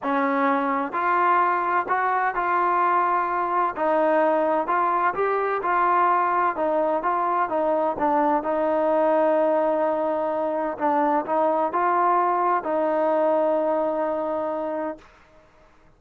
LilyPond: \new Staff \with { instrumentName = "trombone" } { \time 4/4 \tempo 4 = 128 cis'2 f'2 | fis'4 f'2. | dis'2 f'4 g'4 | f'2 dis'4 f'4 |
dis'4 d'4 dis'2~ | dis'2. d'4 | dis'4 f'2 dis'4~ | dis'1 | }